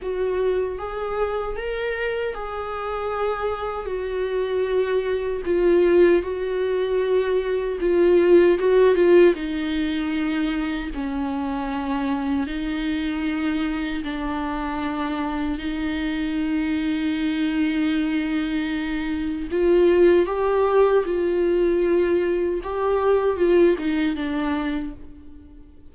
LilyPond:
\new Staff \with { instrumentName = "viola" } { \time 4/4 \tempo 4 = 77 fis'4 gis'4 ais'4 gis'4~ | gis'4 fis'2 f'4 | fis'2 f'4 fis'8 f'8 | dis'2 cis'2 |
dis'2 d'2 | dis'1~ | dis'4 f'4 g'4 f'4~ | f'4 g'4 f'8 dis'8 d'4 | }